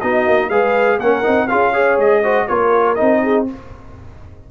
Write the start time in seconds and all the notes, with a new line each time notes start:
0.00 B3 D#4 F#4 D#5
0.26 A#3
0.49 G#3 G#4 B4 F5
0.98 A#3 C#4 A#4 F#5
1.23 C4 D#4
1.48 C#4 F4 G#4 F5
1.72 G#4 C#5
1.98 G#3 D#5
2.23 F#4 C5
2.48 A#3 F4 A#4 C#5
2.95 C4 D#4 D#5
3.23 G#4